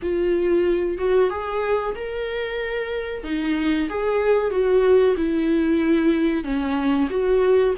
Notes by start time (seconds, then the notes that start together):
0.02 F4
0.98 F#4
1.30 G#4
1.95 A#4
3.23 D#4
3.89 G#4
4.50 F#4
5.16 E4
6.43 C#4
7.10 F#4